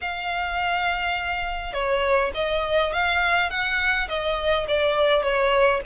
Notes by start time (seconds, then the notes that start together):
0.01 F5
1.73 C#5
2.34 D#5
2.92 F5
3.50 F#5
4.08 D#5
4.68 D5
5.22 C#5